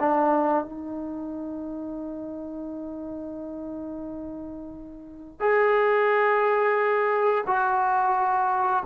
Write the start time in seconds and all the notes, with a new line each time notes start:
0.00 D4
0.64 D#4
5.40 G#4
7.47 F#4